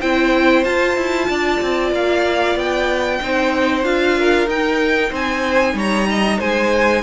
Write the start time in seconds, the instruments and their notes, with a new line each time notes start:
0.00 cello C4, viola E4, violin C5 G5
0.64 cello F4, viola F4, violin A5
0.96 cello E4
1.28 cello D4, violin D5
1.61 cello C4
1.92 cello A#3, violin F5
2.55 cello B3, violin G5
3.21 cello C4, viola D#4, violin C5
3.83 cello D4, viola F4, violin F5
4.19 violin A#4
4.46 cello D#4, viola D#4, violin G5
5.10 cello C4, violin C5 G#5
5.74 cello G3, violin C#5 A#5
6.09 violin D#5
6.38 cello G#3, violin C5 G#5